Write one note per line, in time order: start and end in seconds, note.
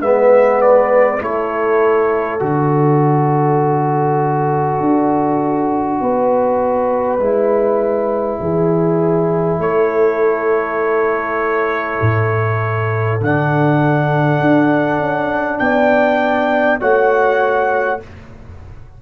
0.00 1.20 G#3
0.00 1.20 B3
0.00 1.22 B4
0.00 0.61 E5
0.61 1.21 D5
1.20 2.41 A3
1.20 2.40 E4
1.20 6.01 A4
1.20 2.41 C#5
2.40 4.80 D3
2.40 7.20 F#4
2.40 9.61 D5
4.80 6.00 D4
6.01 7.19 B3
6.01 8.41 B4
7.19 8.39 G#3
7.19 13.21 E4
8.40 9.59 E3
8.40 9.60 G#4
9.59 11.99 A3
9.59 15.60 A4
9.59 13.21 C#5
12.01 13.21 A2
13.21 14.40 D3
13.21 16.80 D4
13.21 15.59 F#5
14.40 14.99 D4
14.99 15.59 C#4
15.59 16.80 B3
15.59 16.81 D5
15.59 16.79 G5
16.80 18.02 A3
16.80 18.00 F#4
16.80 18.01 C#5
16.80 18.00 F#5